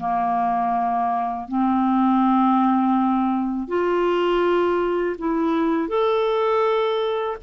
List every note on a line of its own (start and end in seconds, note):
0.00 1.48 A#3
1.48 3.68 C4
3.68 5.16 F4
5.19 5.89 E4
5.89 7.37 A4